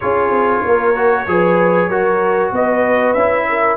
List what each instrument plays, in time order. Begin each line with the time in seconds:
0.00 tuba C#4, trombone F4, horn G#4, trumpet C#5
0.30 tuba C4
0.64 tuba A#3, horn A#4
0.95 trombone F#4
1.27 tuba F3, trombone G#4, horn B4
1.89 tuba F#3, trombone F#4, horn A#4
2.51 tuba B3, horn B4, trumpet D#5
3.13 tuba C#4, trombone E4, trumpet E5
3.48 horn A#4